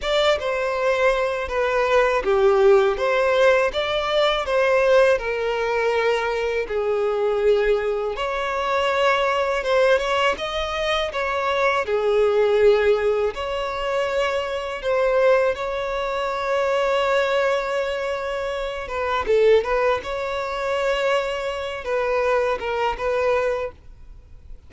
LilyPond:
\new Staff \with { instrumentName = "violin" } { \time 4/4 \tempo 4 = 81 d''8 c''4. b'4 g'4 | c''4 d''4 c''4 ais'4~ | ais'4 gis'2 cis''4~ | cis''4 c''8 cis''8 dis''4 cis''4 |
gis'2 cis''2 | c''4 cis''2.~ | cis''4. b'8 a'8 b'8 cis''4~ | cis''4. b'4 ais'8 b'4 | }